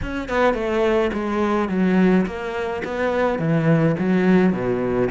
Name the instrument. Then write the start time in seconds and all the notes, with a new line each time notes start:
cello
0.02 C#4
0.28 B3
0.54 A3
1.13 G#3
1.69 F#3
2.26 A#3
2.84 B3
3.38 E3
3.99 F#3
4.52 B2